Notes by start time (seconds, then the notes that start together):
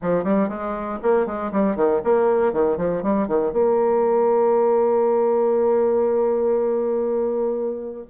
0.02 F3
0.24 G3
0.48 G#3
1.02 A#3
1.26 G#3
1.52 G3
1.76 D#3
2.04 A#3
2.52 D#3
2.77 F3
3.03 G3
3.27 D#3
3.52 A#3